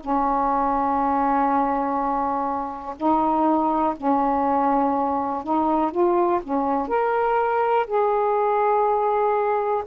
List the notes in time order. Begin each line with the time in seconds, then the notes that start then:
0.00 C#4
2.96 D#4
3.97 C#4
5.43 D#4
5.91 F4
6.43 C#4
6.88 A#4
7.86 G#4